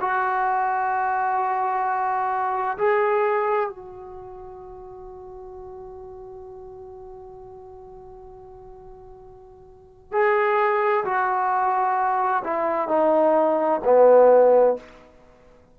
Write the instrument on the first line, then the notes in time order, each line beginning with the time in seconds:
trombone
0.00 F#4
2.77 G#4
3.69 F#4
10.12 G#4
11.04 F#4
12.44 E4
12.88 D#4
13.84 B3